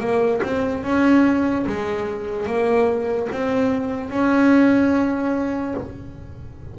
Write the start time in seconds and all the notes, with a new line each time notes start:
0.00 A#3
0.43 C4
0.83 C#4
1.66 G#3
2.46 A#3
3.32 C4
4.10 C#4